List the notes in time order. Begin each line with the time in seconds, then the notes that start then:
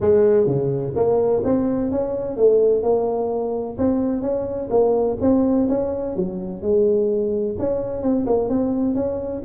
0.00 G#3
0.46 C#3
0.95 A#3
1.44 C4
1.91 C#4
2.36 A3
2.82 A#3
3.78 C4
4.21 C#4
4.70 A#3
5.20 C4
5.68 C#4
6.16 F#3
6.61 G#3
7.58 C#4
8.02 C4
8.26 A#3
8.49 C4
8.95 C#4